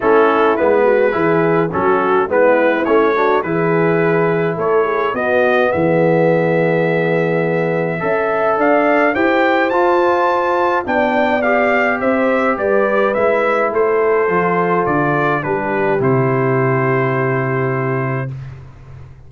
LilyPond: <<
  \new Staff \with { instrumentName = "trumpet" } { \time 4/4 \tempo 4 = 105 a'4 b'2 a'4 | b'4 cis''4 b'2 | cis''4 dis''4 e''2~ | e''2. f''4 |
g''4 a''2 g''4 | f''4 e''4 d''4 e''4 | c''2 d''4 b'4 | c''1 | }
  \new Staff \with { instrumentName = "horn" } { \time 4/4 e'4. fis'8 gis'4 fis'4 | e'4. fis'8 gis'2 | a'8 gis'8 fis'4 gis'2~ | gis'2 e''4 d''4 |
c''2. d''4~ | d''4 c''4 b'2 | a'2. g'4~ | g'1 | }
  \new Staff \with { instrumentName = "trombone" } { \time 4/4 cis'4 b4 e'4 cis'4 | b4 cis'8 d'8 e'2~ | e'4 b2.~ | b2 a'2 |
g'4 f'2 d'4 | g'2. e'4~ | e'4 f'2 d'4 | e'1 | }
  \new Staff \with { instrumentName = "tuba" } { \time 4/4 a4 gis4 e4 fis4 | gis4 a4 e2 | a4 b4 e2~ | e2 cis'4 d'4 |
e'4 f'2 b4~ | b4 c'4 g4 gis4 | a4 f4 d4 g4 | c1 | }
>>